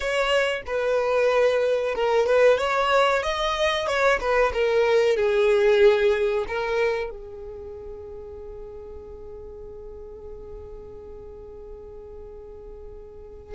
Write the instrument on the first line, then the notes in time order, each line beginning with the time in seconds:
violin
0.00 C#5
0.66 B4
1.94 A#4
2.26 B4
2.58 C#5
3.23 D#5
3.87 C#5
4.20 B4
4.53 A#4
5.16 G#4
6.47 A#4
7.09 G#4